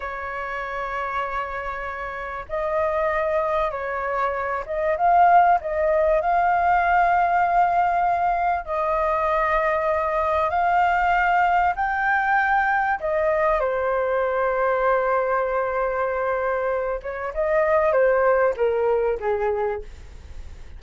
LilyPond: \new Staff \with { instrumentName = "flute" } { \time 4/4 \tempo 4 = 97 cis''1 | dis''2 cis''4. dis''8 | f''4 dis''4 f''2~ | f''2 dis''2~ |
dis''4 f''2 g''4~ | g''4 dis''4 c''2~ | c''2.~ c''8 cis''8 | dis''4 c''4 ais'4 gis'4 | }